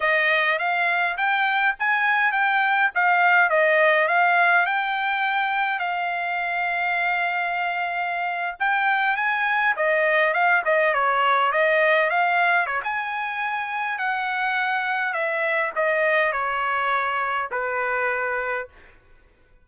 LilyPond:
\new Staff \with { instrumentName = "trumpet" } { \time 4/4 \tempo 4 = 103 dis''4 f''4 g''4 gis''4 | g''4 f''4 dis''4 f''4 | g''2 f''2~ | f''2~ f''8. g''4 gis''16~ |
gis''8. dis''4 f''8 dis''8 cis''4 dis''16~ | dis''8. f''4 cis''16 gis''2 | fis''2 e''4 dis''4 | cis''2 b'2 | }